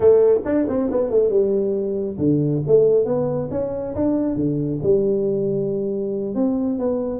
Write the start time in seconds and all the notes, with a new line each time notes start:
0.00 A3
0.45 D4
0.68 C4
0.91 B3
1.10 A3
1.29 G3
2.18 D3
2.66 A3
3.05 B3
3.50 C#4
3.95 D4
4.35 D3
4.82 G3
6.35 C4
6.78 B3